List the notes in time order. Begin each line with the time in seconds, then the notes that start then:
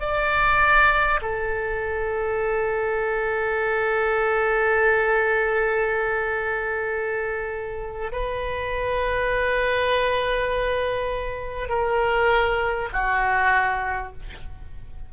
0.00 D5
1.22 A4
8.13 B4
11.69 A#4
12.93 F#4